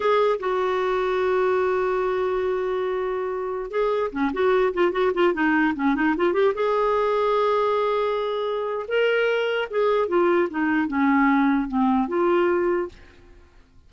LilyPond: \new Staff \with { instrumentName = "clarinet" } { \time 4/4 \tempo 4 = 149 gis'4 fis'2.~ | fis'1~ | fis'4~ fis'16 gis'4 cis'8 fis'4 f'16~ | f'16 fis'8 f'8 dis'4 cis'8 dis'8 f'8 g'16~ |
g'16 gis'2.~ gis'8.~ | gis'2 ais'2 | gis'4 f'4 dis'4 cis'4~ | cis'4 c'4 f'2 | }